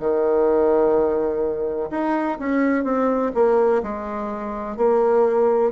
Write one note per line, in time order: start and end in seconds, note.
0.00 1.90 D#3
1.90 2.38 D#4
2.39 2.84 C#4
2.84 3.32 C4
3.35 3.82 A#3
3.83 4.77 G#3
4.77 5.72 A#3